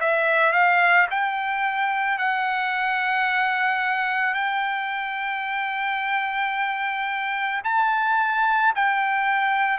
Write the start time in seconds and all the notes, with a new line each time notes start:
0.00 E5
0.53 F5
1.11 G5
2.18 F#5
4.34 G5
7.64 A5
8.75 G5